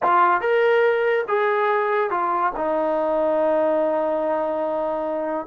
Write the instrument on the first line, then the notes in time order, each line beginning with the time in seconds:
trombone
0.02 F4
0.40 A#4
1.28 G#4
2.10 F4
2.56 D#4